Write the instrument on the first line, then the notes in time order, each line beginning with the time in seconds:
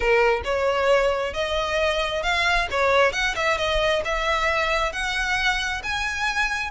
violin
0.00 A#4
0.44 C#5
1.33 D#5
2.22 F5
2.70 C#5
3.12 F#5
3.35 E5
3.57 D#5
4.04 E5
4.92 F#5
5.83 G#5